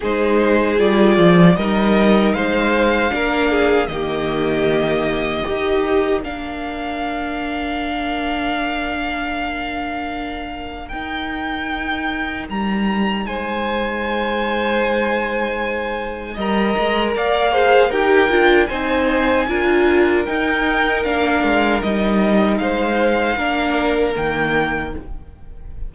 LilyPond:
<<
  \new Staff \with { instrumentName = "violin" } { \time 4/4 \tempo 4 = 77 c''4 d''4 dis''4 f''4~ | f''4 dis''2. | f''1~ | f''2 g''2 |
ais''4 gis''2.~ | gis''4 ais''4 f''4 g''4 | gis''2 g''4 f''4 | dis''4 f''2 g''4 | }
  \new Staff \with { instrumentName = "violin" } { \time 4/4 gis'2 ais'4 c''4 | ais'8 gis'8 g'2 ais'4~ | ais'1~ | ais'1~ |
ais'4 c''2.~ | c''4 dis''4 d''8 c''8 ais'4 | c''4 ais'2.~ | ais'4 c''4 ais'2 | }
  \new Staff \with { instrumentName = "viola" } { \time 4/4 dis'4 f'4 dis'2 | d'4 ais2 g'4 | d'1~ | d'2 dis'2~ |
dis'1~ | dis'4 ais'4. gis'8 g'8 f'8 | dis'4 f'4 dis'4 d'4 | dis'2 d'4 ais4 | }
  \new Staff \with { instrumentName = "cello" } { \time 4/4 gis4 g8 f8 g4 gis4 | ais4 dis2 dis'4 | ais1~ | ais2 dis'2 |
g4 gis2.~ | gis4 g8 gis8 ais4 dis'8 d'8 | c'4 d'4 dis'4 ais8 gis8 | g4 gis4 ais4 dis4 | }
>>